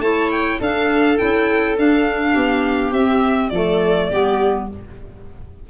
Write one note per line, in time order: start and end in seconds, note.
0.00 0.58 A3
0.00 0.61 E4
0.00 0.60 C#5
0.00 0.30 A5
0.31 0.60 G5
0.60 1.19 D4
0.60 1.18 D4
0.60 2.34 A4
0.60 1.18 F5
1.18 1.79 C#4
1.18 1.76 E4
1.18 1.76 G5
1.78 2.94 D4
1.78 2.36 D4
1.78 2.93 F5
2.34 2.92 B3
2.34 3.50 G4
2.92 3.51 C4
2.92 3.54 C4
2.92 3.50 E5
3.50 4.10 F3
3.50 4.12 A3
3.50 4.10 A4
3.50 4.66 D5
4.10 4.69 G3
4.10 4.70 B3
4.10 4.68 G4